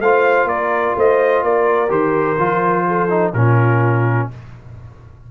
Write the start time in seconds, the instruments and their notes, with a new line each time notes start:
0.00 tuba A3, trombone F4, horn C5, trumpet F5
0.45 tuba A#3, horn A#4, trumpet D5
0.96 tuba A3, horn C5, trumpet D#5
1.43 tuba A#3, horn A#4, trumpet D5
1.89 tuba D#3, trombone G4, trumpet C5
2.39 tuba F3, trombone F4
2.88 horn A4
3.10 trombone D#4
3.33 tuba A#2, trombone C#4, horn F4, trumpet A#4